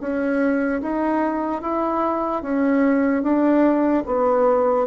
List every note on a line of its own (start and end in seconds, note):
0.00 0.81 C#4
0.81 1.61 D#4
1.61 2.42 E4
2.42 3.22 C#4
3.22 4.03 D4
4.06 4.86 B3